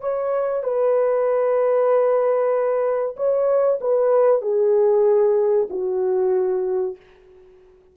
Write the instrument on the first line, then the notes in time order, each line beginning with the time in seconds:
horn
0.00 C#5
0.63 B4
3.16 C#5
3.80 B4
4.41 G#4
5.70 F#4